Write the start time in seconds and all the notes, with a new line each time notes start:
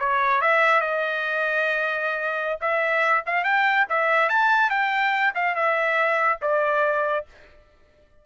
0.00 C#5
0.42 E5
0.81 D#5
2.61 E5
3.27 F5
3.45 G5
3.90 E5
4.30 A5
4.71 G5
5.35 F5
5.56 E5
6.42 D5